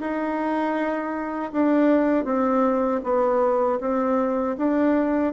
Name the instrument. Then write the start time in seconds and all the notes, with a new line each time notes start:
bassoon
0.00 D#4
1.53 D4
2.25 C4
3.03 B3
3.80 C4
4.58 D4